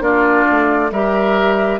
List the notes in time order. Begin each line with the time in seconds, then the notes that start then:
0.00 A#3 D4 F4 D5
0.50 A3
0.91 G3 G4 A#4 E5